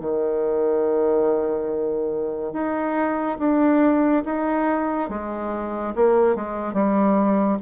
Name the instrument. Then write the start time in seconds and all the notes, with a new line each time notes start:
bassoon
0.00 D#3
2.53 D#4
3.39 D4
4.25 D#4
5.09 G#3
5.95 A#3
6.36 G#3
6.73 G3